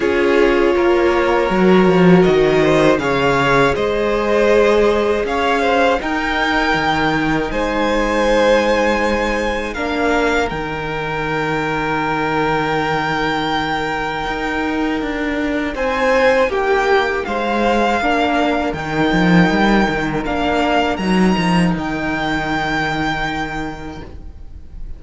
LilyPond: <<
  \new Staff \with { instrumentName = "violin" } { \time 4/4 \tempo 4 = 80 cis''2. dis''4 | f''4 dis''2 f''4 | g''2 gis''2~ | gis''4 f''4 g''2~ |
g''1~ | g''4 gis''4 g''4 f''4~ | f''4 g''2 f''4 | ais''4 g''2. | }
  \new Staff \with { instrumentName = "violin" } { \time 4/4 gis'4 ais'2~ ais'8 c''8 | cis''4 c''2 cis''8 c''8 | ais'2 c''2~ | c''4 ais'2.~ |
ais'1~ | ais'4 c''4 g'4 c''4 | ais'1~ | ais'1 | }
  \new Staff \with { instrumentName = "viola" } { \time 4/4 f'2 fis'2 | gis'1 | dis'1~ | dis'4 d'4 dis'2~ |
dis'1~ | dis'1 | d'4 dis'2 d'4 | dis'1 | }
  \new Staff \with { instrumentName = "cello" } { \time 4/4 cis'4 ais4 fis8 f8 dis4 | cis4 gis2 cis'4 | dis'4 dis4 gis2~ | gis4 ais4 dis2~ |
dis2. dis'4 | d'4 c'4 ais4 gis4 | ais4 dis8 f8 g8 dis8 ais4 | fis8 f8 dis2. | }
>>